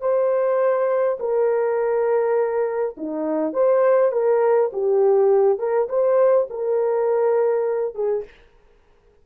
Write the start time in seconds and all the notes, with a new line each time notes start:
0.00 C5
1.19 A#4
2.97 D#4
3.53 C5
4.11 A#4
4.72 G4
5.58 A#4
5.88 C5
6.50 A#4
7.94 G#4